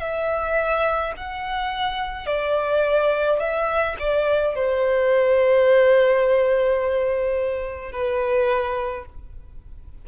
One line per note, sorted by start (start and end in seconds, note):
0.00 1.13 E5
1.17 2.26 F#5
2.26 3.40 D5
3.40 3.96 E5
3.99 4.55 D5
4.55 7.92 C5
7.92 9.06 B4